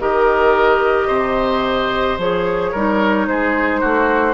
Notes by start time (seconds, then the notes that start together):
0.00 D#3 G4 A#4 D#5
1.07 C3 C5
2.17 F3 G#4 C#5
2.71 G3 D#4 A#4
3.27 G#3 G#4 C5
3.80 A3 F#4